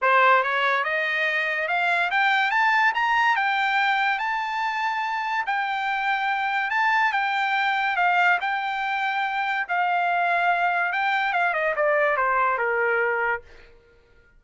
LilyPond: \new Staff \with { instrumentName = "trumpet" } { \time 4/4 \tempo 4 = 143 c''4 cis''4 dis''2 | f''4 g''4 a''4 ais''4 | g''2 a''2~ | a''4 g''2. |
a''4 g''2 f''4 | g''2. f''4~ | f''2 g''4 f''8 dis''8 | d''4 c''4 ais'2 | }